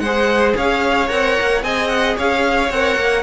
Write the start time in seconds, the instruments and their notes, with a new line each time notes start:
0.00 cello G#3, violin C5 F#5
0.06 viola G#4
0.57 cello C#4, violin C#5 F5
1.09 cello C4, viola A#4, violin F#5
1.41 cello A#3
1.63 cello C4, viola G#4, violin D#5 G#5
1.88 violin F#5
2.17 cello C#4, violin C#5 F5
2.71 cello C4, viola A#4, violin F#5
2.96 cello A#3